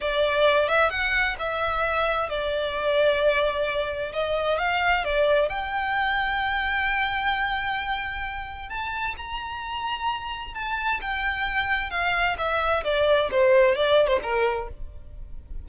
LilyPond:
\new Staff \with { instrumentName = "violin" } { \time 4/4 \tempo 4 = 131 d''4. e''8 fis''4 e''4~ | e''4 d''2.~ | d''4 dis''4 f''4 d''4 | g''1~ |
g''2. a''4 | ais''2. a''4 | g''2 f''4 e''4 | d''4 c''4 d''8. c''16 ais'4 | }